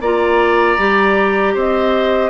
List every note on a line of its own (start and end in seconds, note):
0.00 0.77 A#3
0.00 0.78 F4
0.00 1.54 D5
0.00 1.56 A#5
0.78 1.55 G3
0.78 2.30 G4
1.54 2.30 C4
1.54 2.30 C5
1.54 2.30 D#5